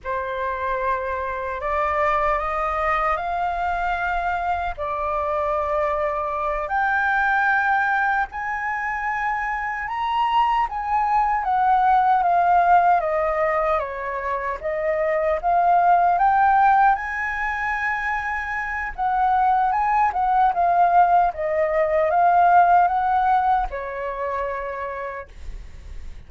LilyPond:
\new Staff \with { instrumentName = "flute" } { \time 4/4 \tempo 4 = 76 c''2 d''4 dis''4 | f''2 d''2~ | d''8 g''2 gis''4.~ | gis''8 ais''4 gis''4 fis''4 f''8~ |
f''8 dis''4 cis''4 dis''4 f''8~ | f''8 g''4 gis''2~ gis''8 | fis''4 gis''8 fis''8 f''4 dis''4 | f''4 fis''4 cis''2 | }